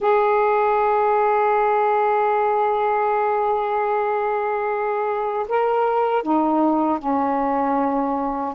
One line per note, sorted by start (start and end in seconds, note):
0.00 5.46 G#4
5.48 6.22 A#4
6.22 6.98 D#4
6.98 8.54 C#4